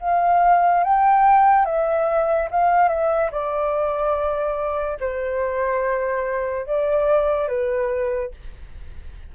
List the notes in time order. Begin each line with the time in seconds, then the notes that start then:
0.00 F5
0.83 G5
1.65 E5
2.51 F5
2.88 E5
3.31 D5
5.00 C5
6.66 D5
7.48 B4